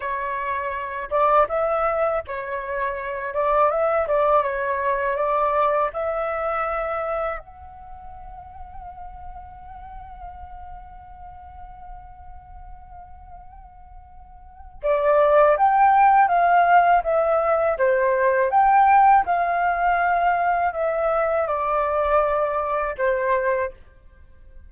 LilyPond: \new Staff \with { instrumentName = "flute" } { \time 4/4 \tempo 4 = 81 cis''4. d''8 e''4 cis''4~ | cis''8 d''8 e''8 d''8 cis''4 d''4 | e''2 fis''2~ | fis''1~ |
fis''1 | d''4 g''4 f''4 e''4 | c''4 g''4 f''2 | e''4 d''2 c''4 | }